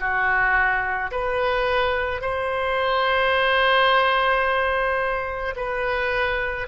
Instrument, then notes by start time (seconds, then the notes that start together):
oboe
0.00 F#4
1.12 B4
2.22 C5
5.57 B4